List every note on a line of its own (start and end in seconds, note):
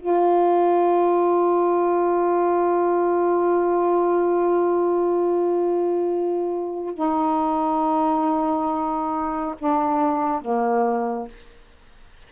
0.00 6.94 F4
6.94 9.55 D#4
9.59 10.42 D4
10.42 11.28 A#3